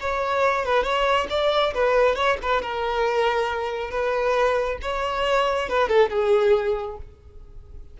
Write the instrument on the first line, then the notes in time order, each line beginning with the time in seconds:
violin
0.00 C#5
0.65 B4
0.83 C#5
1.30 D5
1.74 B4
2.15 C#5
2.42 B4
2.62 A#4
3.90 B4
4.81 C#5
5.69 B4
5.88 A4
6.10 G#4